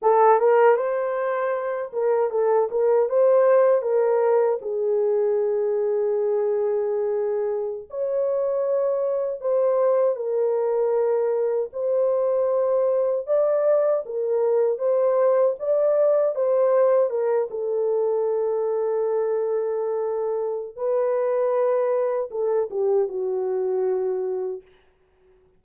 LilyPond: \new Staff \with { instrumentName = "horn" } { \time 4/4 \tempo 4 = 78 a'8 ais'8 c''4. ais'8 a'8 ais'8 | c''4 ais'4 gis'2~ | gis'2~ gis'16 cis''4.~ cis''16~ | cis''16 c''4 ais'2 c''8.~ |
c''4~ c''16 d''4 ais'4 c''8.~ | c''16 d''4 c''4 ais'8 a'4~ a'16~ | a'2. b'4~ | b'4 a'8 g'8 fis'2 | }